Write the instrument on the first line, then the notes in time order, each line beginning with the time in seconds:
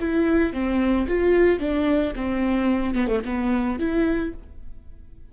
viola
0.00 E4
0.53 C4
1.08 F4
1.59 D4
2.16 C4
2.95 B3
3.08 A3
3.25 B3
3.79 E4